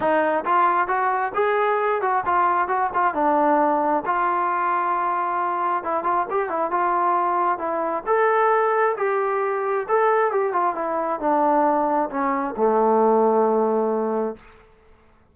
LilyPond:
\new Staff \with { instrumentName = "trombone" } { \time 4/4 \tempo 4 = 134 dis'4 f'4 fis'4 gis'4~ | gis'8 fis'8 f'4 fis'8 f'8 d'4~ | d'4 f'2.~ | f'4 e'8 f'8 g'8 e'8 f'4~ |
f'4 e'4 a'2 | g'2 a'4 g'8 f'8 | e'4 d'2 cis'4 | a1 | }